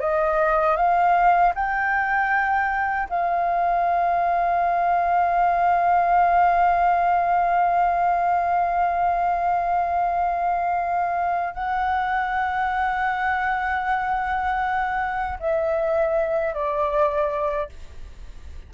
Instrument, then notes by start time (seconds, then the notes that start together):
flute
0.00 D#5
0.76 F5
1.55 G5
3.09 F5
11.54 F#5
15.40 E5
16.54 D5